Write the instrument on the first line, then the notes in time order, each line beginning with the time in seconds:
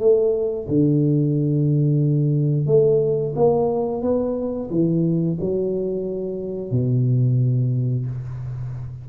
tuba
0.00 A3
0.68 D3
2.67 A3
3.36 A#3
4.02 B3
4.71 E3
5.41 F#3
6.71 B2